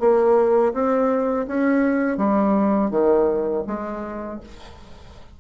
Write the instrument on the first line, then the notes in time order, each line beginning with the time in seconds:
bassoon
0.00 A#3
0.74 C4
1.47 C#4
2.18 G3
2.91 D#3
3.67 G#3